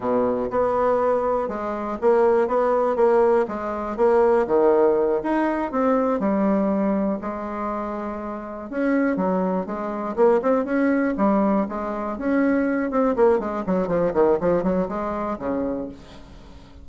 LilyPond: \new Staff \with { instrumentName = "bassoon" } { \time 4/4 \tempo 4 = 121 b,4 b2 gis4 | ais4 b4 ais4 gis4 | ais4 dis4. dis'4 c'8~ | c'8 g2 gis4.~ |
gis4. cis'4 fis4 gis8~ | gis8 ais8 c'8 cis'4 g4 gis8~ | gis8 cis'4. c'8 ais8 gis8 fis8 | f8 dis8 f8 fis8 gis4 cis4 | }